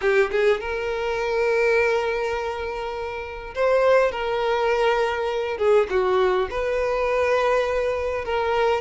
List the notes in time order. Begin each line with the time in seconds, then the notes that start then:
0.01 G4
0.31 G#4
0.60 A#4
3.54 C5
4.11 A#4
5.57 G#4
5.90 F#4
6.50 B4
8.25 A#4